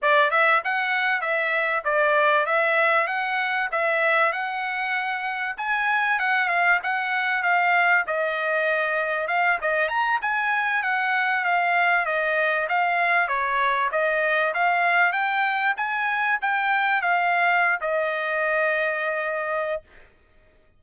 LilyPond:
\new Staff \with { instrumentName = "trumpet" } { \time 4/4 \tempo 4 = 97 d''8 e''8 fis''4 e''4 d''4 | e''4 fis''4 e''4 fis''4~ | fis''4 gis''4 fis''8 f''8 fis''4 | f''4 dis''2 f''8 dis''8 |
ais''8 gis''4 fis''4 f''4 dis''8~ | dis''8 f''4 cis''4 dis''4 f''8~ | f''8 g''4 gis''4 g''4 f''8~ | f''8. dis''2.~ dis''16 | }